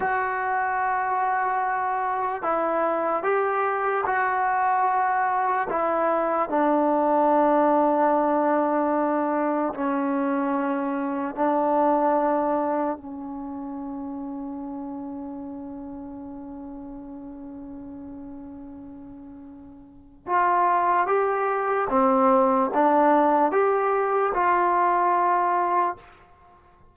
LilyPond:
\new Staff \with { instrumentName = "trombone" } { \time 4/4 \tempo 4 = 74 fis'2. e'4 | g'4 fis'2 e'4 | d'1 | cis'2 d'2 |
cis'1~ | cis'1~ | cis'4 f'4 g'4 c'4 | d'4 g'4 f'2 | }